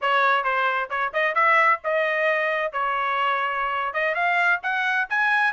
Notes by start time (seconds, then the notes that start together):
0.01 C#5
0.43 C5
0.89 C#5
1.13 D#5
1.34 E5
1.84 D#5
2.72 C#5
3.93 D#5
4.14 F5
4.62 F#5
5.09 G#5